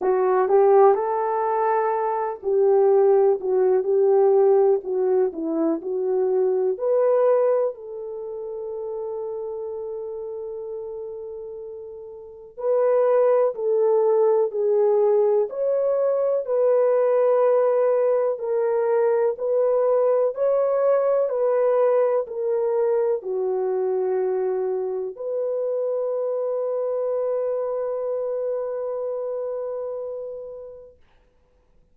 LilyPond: \new Staff \with { instrumentName = "horn" } { \time 4/4 \tempo 4 = 62 fis'8 g'8 a'4. g'4 fis'8 | g'4 fis'8 e'8 fis'4 b'4 | a'1~ | a'4 b'4 a'4 gis'4 |
cis''4 b'2 ais'4 | b'4 cis''4 b'4 ais'4 | fis'2 b'2~ | b'1 | }